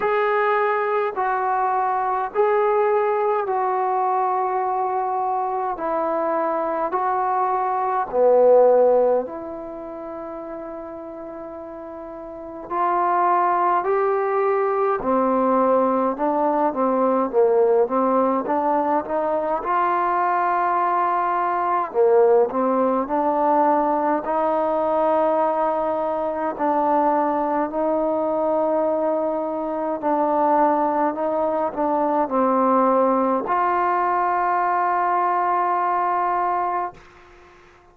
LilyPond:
\new Staff \with { instrumentName = "trombone" } { \time 4/4 \tempo 4 = 52 gis'4 fis'4 gis'4 fis'4~ | fis'4 e'4 fis'4 b4 | e'2. f'4 | g'4 c'4 d'8 c'8 ais8 c'8 |
d'8 dis'8 f'2 ais8 c'8 | d'4 dis'2 d'4 | dis'2 d'4 dis'8 d'8 | c'4 f'2. | }